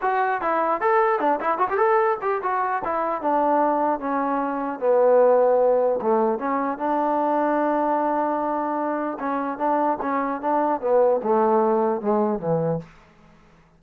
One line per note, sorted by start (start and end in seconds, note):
0.01 0.41 F#4
0.41 0.80 E4
0.80 1.19 A4
1.19 1.39 D4
1.40 1.58 E4
1.58 1.68 F#4
1.69 1.77 G4
1.77 2.17 A4
2.21 2.41 G4
2.42 2.82 F#4
2.84 3.21 E4
3.21 3.99 D4
3.99 4.79 C#4
4.79 5.99 B3
6.01 6.38 A3
6.38 6.77 C#4
6.77 9.17 D4
9.19 9.58 C#4
9.58 9.98 D4
10.01 10.41 C#4
10.41 10.80 D4
10.80 11.20 B3
11.23 12.01 A3
12.01 12.39 G#3
12.39 12.79 E3